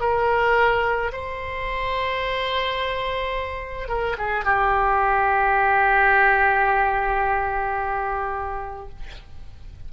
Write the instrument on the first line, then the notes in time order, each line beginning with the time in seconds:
oboe
0.00 A#4
1.12 C5
3.88 A#4
4.18 G#4
4.44 G4